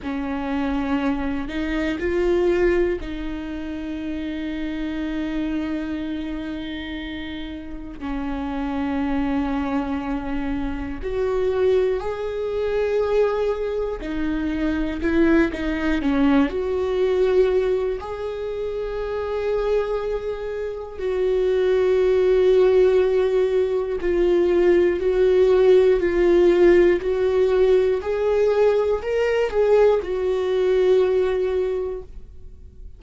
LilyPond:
\new Staff \with { instrumentName = "viola" } { \time 4/4 \tempo 4 = 60 cis'4. dis'8 f'4 dis'4~ | dis'1 | cis'2. fis'4 | gis'2 dis'4 e'8 dis'8 |
cis'8 fis'4. gis'2~ | gis'4 fis'2. | f'4 fis'4 f'4 fis'4 | gis'4 ais'8 gis'8 fis'2 | }